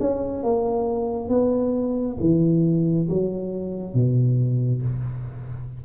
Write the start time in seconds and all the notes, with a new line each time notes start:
0.00 C#4
0.43 A#3
1.29 B3
2.20 E3
3.09 F#3
3.94 B2